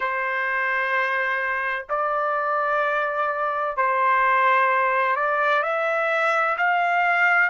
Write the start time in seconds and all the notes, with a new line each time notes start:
0.00 C5
1.89 D5
3.77 C5
5.16 D5
5.62 E5
6.57 F5